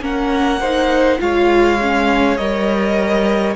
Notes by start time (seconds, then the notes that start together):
0.00 A#3 C#4 A#4 F#5
0.61 D#4 C5
1.19 G#3 F4 C#5 F5
1.82 C#4
2.37 G3 A#4 D#5